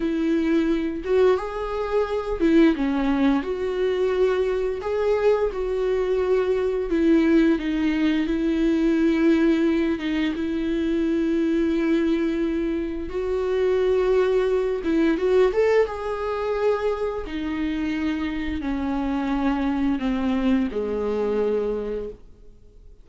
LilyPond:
\new Staff \with { instrumentName = "viola" } { \time 4/4 \tempo 4 = 87 e'4. fis'8 gis'4. e'8 | cis'4 fis'2 gis'4 | fis'2 e'4 dis'4 | e'2~ e'8 dis'8 e'4~ |
e'2. fis'4~ | fis'4. e'8 fis'8 a'8 gis'4~ | gis'4 dis'2 cis'4~ | cis'4 c'4 gis2 | }